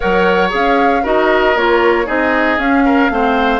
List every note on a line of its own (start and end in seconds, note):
0.00 0.53 F#3
0.00 0.49 A#4
0.00 1.02 C#5
0.00 0.50 F#5
0.49 1.05 C#4
0.49 1.01 G#4
0.49 1.05 F5
1.02 1.55 D#4
1.02 1.55 F#4
1.02 2.06 A#4
1.02 1.56 D#5
1.55 2.07 A#3
1.55 2.05 F4
1.55 2.07 C#5
2.05 2.58 C4
2.05 2.57 D#4
2.05 2.83 G#4
2.05 2.59 D#5
2.58 3.09 C#4
2.58 3.10 C#4
2.58 3.60 F5
2.85 3.11 A#4
3.09 3.60 A3
3.09 3.60 C4
3.09 3.60 C5